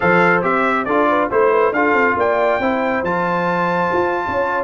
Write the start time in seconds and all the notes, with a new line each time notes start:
0.00 F3 A4 C5 F5
0.42 C4 G4 E5
0.84 D4 F4 A4 D5
1.08 B4
1.30 A3 E4 C5
1.51 B4
1.71 D4 F4 A4 F5
1.93 C4
2.16 A#3 D5 G5
2.59 C4 E4 C5
3.02 F3 F4 A5
3.93 F4
4.26 C#4 C#5